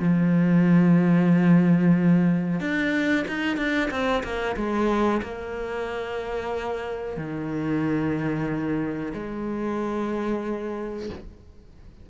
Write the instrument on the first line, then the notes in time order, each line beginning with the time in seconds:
cello
0.00 F3
2.61 D4
3.28 D#4
3.57 D4
3.91 C4
4.24 A#3
4.57 G#3
5.23 A#3
7.17 D#3
9.14 G#3